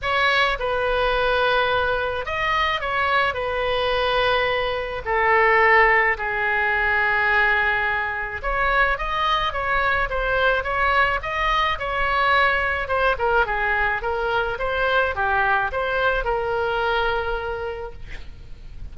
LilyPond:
\new Staff \with { instrumentName = "oboe" } { \time 4/4 \tempo 4 = 107 cis''4 b'2. | dis''4 cis''4 b'2~ | b'4 a'2 gis'4~ | gis'2. cis''4 |
dis''4 cis''4 c''4 cis''4 | dis''4 cis''2 c''8 ais'8 | gis'4 ais'4 c''4 g'4 | c''4 ais'2. | }